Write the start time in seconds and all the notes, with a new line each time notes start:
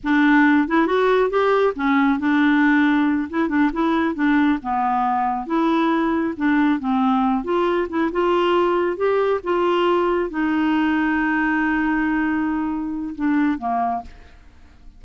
0.03 D4
0.68 E4
0.87 F#4
1.29 G4
1.75 C#4
2.19 D4
3.29 E4
3.48 D4
3.72 E4
4.14 D4
4.62 B3
5.46 E4
6.36 D4
6.79 C4
7.44 F4
7.89 E4
8.11 F4
8.96 G4
9.43 F4
10.30 D#4
13.15 D4
13.58 A#3